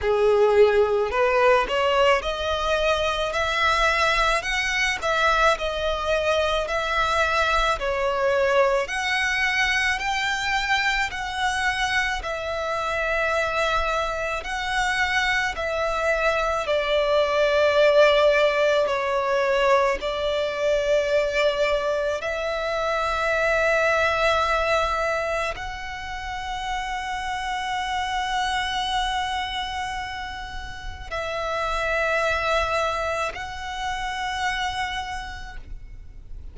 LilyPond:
\new Staff \with { instrumentName = "violin" } { \time 4/4 \tempo 4 = 54 gis'4 b'8 cis''8 dis''4 e''4 | fis''8 e''8 dis''4 e''4 cis''4 | fis''4 g''4 fis''4 e''4~ | e''4 fis''4 e''4 d''4~ |
d''4 cis''4 d''2 | e''2. fis''4~ | fis''1 | e''2 fis''2 | }